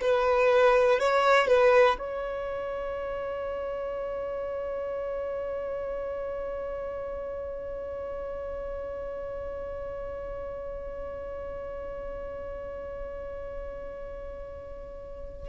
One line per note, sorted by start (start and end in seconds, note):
0.00 0.99 B4
0.99 1.47 C#5
1.47 1.97 B4
1.99 15.49 C#5